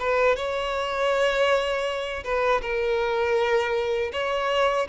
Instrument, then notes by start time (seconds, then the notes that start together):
violin
0.00 B4
0.36 C#5
2.24 B4
2.62 A#4
4.13 C#5